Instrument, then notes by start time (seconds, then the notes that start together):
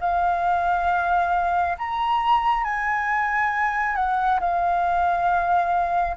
flute
0.00 F5
1.78 A#5
2.64 G#5
3.95 F#5
4.40 F5